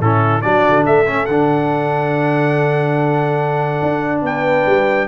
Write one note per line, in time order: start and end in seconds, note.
0.00 0.42 A2
0.00 0.43 C#4
0.00 0.44 E4
0.00 0.41 A4
0.41 0.65 F#3
0.41 1.06 D4
0.41 0.86 F#4
0.41 0.84 D5
0.70 0.87 D3
0.86 1.28 A3
0.86 4.24 A4
0.86 1.26 E5
1.06 1.27 C#4
1.26 3.82 D3
1.26 5.08 D4
1.26 4.22 F#5
3.82 4.22 D4
4.22 4.64 B3
4.22 5.08 B4
4.22 5.08 G5
4.66 5.08 G3